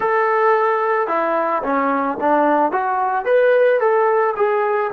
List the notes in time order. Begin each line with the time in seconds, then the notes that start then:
0.00 A4
1.07 E4
1.63 C#4
2.20 D4
2.71 F#4
3.25 B4
3.80 A4
4.36 G#4